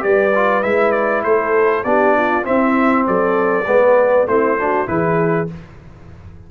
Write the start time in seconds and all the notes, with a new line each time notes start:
0.00 G3 G4 B4 D5
0.35 F4
0.63 G#3 E4 E5
0.92 D5
1.24 A3 A4 C5
1.84 B3 D4 G4 D5
2.17 F4
2.43 C4 E4 E5
3.07 F#3 A4 D5
3.67 G#3 B3 B4
4.27 A3 C4 E4 C5
4.59 D4 F#4
4.87 E3 E4 G#4 B4